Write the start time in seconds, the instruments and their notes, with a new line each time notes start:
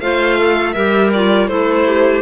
0.00 cello A3, clarinet F4 C5, violin F5
0.38 clarinet A4
0.73 cello G3, clarinet G4 A#4, violin E5
1.13 clarinet F4, violin D5
1.47 cello A3, clarinet E4 A4, violin C5
1.86 clarinet G4